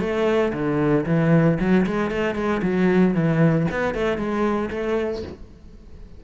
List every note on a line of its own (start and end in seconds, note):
0.00 0.52 A3
0.53 1.05 D3
1.06 1.58 E3
1.60 1.86 F#3
1.86 2.11 G#3
2.11 2.35 A3
2.35 2.61 G#3
2.62 3.14 F#3
3.14 3.67 E3
3.71 3.94 B3
3.94 4.17 A3
4.17 4.70 G#3
4.71 5.23 A3